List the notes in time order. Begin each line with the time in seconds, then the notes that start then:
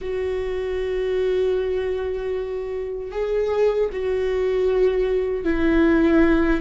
0.01 F#4
3.11 G#4
3.92 F#4
5.44 E4